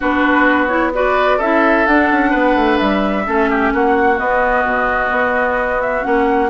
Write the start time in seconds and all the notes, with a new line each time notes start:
0.00 B3 D4 F#4 B4
0.67 E4 C#5
0.93 F#4 B4 D5
1.37 C#4 E4 A4 E5
1.86 D4 F#5
2.11 C#4
2.30 B3 B4
2.55 A3
2.78 G3 E5
3.25 A3 C#4 A4
3.50 G4
3.73 A#3 F#4 F#5
4.16 B3 D#5
4.64 B2
5.11 B3
5.81 E5
6.02 A#3 C#4 F#5